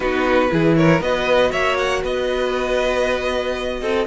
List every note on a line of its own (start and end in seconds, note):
0.00 0.50 B3
0.00 0.48 D#4
0.00 0.51 F#4
0.00 0.75 B4
0.50 1.00 E3
0.50 1.01 E4
0.50 0.77 G#4
0.76 1.03 A#4
0.76 1.01 C#5
1.00 1.51 B3
1.00 4.06 F#4
1.00 1.51 B4
1.00 1.51 D#5
1.51 2.03 A#3
1.51 2.02 C#5
1.51 1.77 E5
1.77 2.02 F#5
2.02 3.81 B3
2.02 3.80 B4
2.02 4.07 D#5
3.81 4.06 C4
3.81 4.07 A4